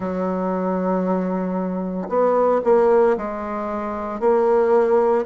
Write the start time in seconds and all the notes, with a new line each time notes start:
0.00 F#3
2.08 B3
2.64 A#3
3.17 G#3
4.20 A#3